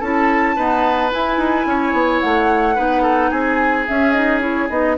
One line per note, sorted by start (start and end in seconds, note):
0.00 0.56 C#4
0.00 0.57 E4
0.00 0.55 A4
0.00 1.11 A5
0.56 1.12 B3
0.56 1.13 D#4
0.56 1.66 B4
1.12 2.75 E4
1.12 1.37 E4
1.12 2.20 G#5
1.37 1.65 D#4
1.65 1.93 C#4
1.65 2.75 C#5
1.93 2.20 B3
2.20 2.78 A3
2.20 3.30 F#5
2.75 3.32 B3
2.75 3.85 D#4
2.75 3.02 B4
3.02 3.29 A4
3.30 3.87 C4
3.30 4.96 G#4
3.30 3.85 G#5
3.88 4.14 C#4
3.88 4.69 C#4
3.88 4.12 E5
4.12 4.41 D#4
4.12 4.39 D#5
4.41 4.68 E4
4.41 4.69 C#5
4.69 4.97 B3
4.69 4.97 D#4
4.69 4.97 D#5